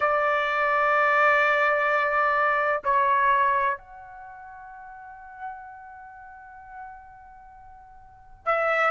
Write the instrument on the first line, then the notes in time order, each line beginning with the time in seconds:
trumpet
0.00 D5
2.84 C#5
3.77 F#5
8.45 E5